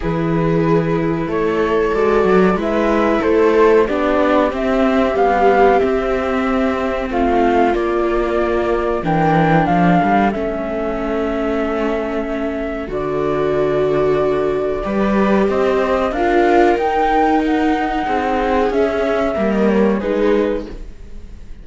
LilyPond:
<<
  \new Staff \with { instrumentName = "flute" } { \time 4/4 \tempo 4 = 93 b'2 cis''4 d''4 | e''4 c''4 d''4 e''4 | f''4 e''2 f''4 | d''2 g''4 f''4 |
e''1 | d''1 | dis''4 f''4 g''4 fis''4~ | fis''4 e''4~ e''16 dis''16 cis''8 b'4 | }
  \new Staff \with { instrumentName = "viola" } { \time 4/4 gis'2 a'2 | b'4 a'4 g'2~ | g'2. f'4~ | f'2 ais'4 a'4~ |
a'1~ | a'2. b'4 | c''4 ais'2. | gis'2 ais'4 gis'4 | }
  \new Staff \with { instrumentName = "viola" } { \time 4/4 e'2. fis'4 | e'2 d'4 c'4 | g4 c'2. | ais2 d'2 |
cis'1 | fis'2. g'4~ | g'4 f'4 dis'2~ | dis'4 cis'4 ais4 dis'4 | }
  \new Staff \with { instrumentName = "cello" } { \time 4/4 e2 a4 gis8 fis8 | gis4 a4 b4 c'4 | b4 c'2 a4 | ais2 e4 f8 g8 |
a1 | d2. g4 | c'4 d'4 dis'2 | c'4 cis'4 g4 gis4 | }
>>